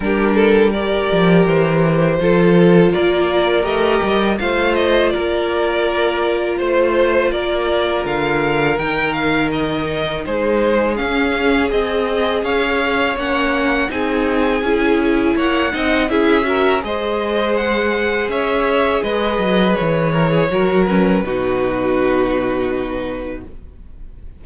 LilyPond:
<<
  \new Staff \with { instrumentName = "violin" } { \time 4/4 \tempo 4 = 82 ais'4 d''4 c''2 | d''4 dis''4 f''8 dis''8 d''4~ | d''4 c''4 d''4 f''4 | g''8 f''8 dis''4 c''4 f''4 |
dis''4 f''4 fis''4 gis''4~ | gis''4 fis''4 e''4 dis''4 | fis''4 e''4 dis''4 cis''4~ | cis''8 b'2.~ b'8 | }
  \new Staff \with { instrumentName = "violin" } { \time 4/4 g'8 a'8 ais'2 a'4 | ais'2 c''4 ais'4~ | ais'4 c''4 ais'2~ | ais'2 gis'2~ |
gis'4 cis''2 gis'4~ | gis'4 cis''8 dis''8 gis'8 ais'8 c''4~ | c''4 cis''4 b'4. ais'16 gis'16 | ais'4 fis'2. | }
  \new Staff \with { instrumentName = "viola" } { \time 4/4 d'4 g'2 f'4~ | f'4 g'4 f'2~ | f'1 | dis'2. cis'4 |
gis'2 cis'4 dis'4 | e'4. dis'8 e'8 fis'8 gis'4~ | gis'1 | fis'8 cis'8 dis'2. | }
  \new Staff \with { instrumentName = "cello" } { \time 4/4 g4. f8 e4 f4 | ais4 a8 g8 a4 ais4~ | ais4 a4 ais4 d4 | dis2 gis4 cis'4 |
c'4 cis'4 ais4 c'4 | cis'4 ais8 c'8 cis'4 gis4~ | gis4 cis'4 gis8 fis8 e4 | fis4 b,2. | }
>>